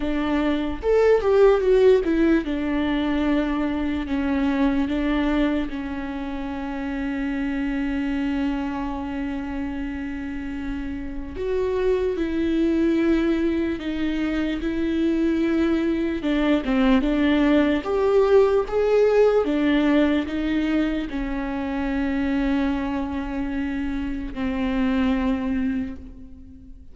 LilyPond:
\new Staff \with { instrumentName = "viola" } { \time 4/4 \tempo 4 = 74 d'4 a'8 g'8 fis'8 e'8 d'4~ | d'4 cis'4 d'4 cis'4~ | cis'1~ | cis'2 fis'4 e'4~ |
e'4 dis'4 e'2 | d'8 c'8 d'4 g'4 gis'4 | d'4 dis'4 cis'2~ | cis'2 c'2 | }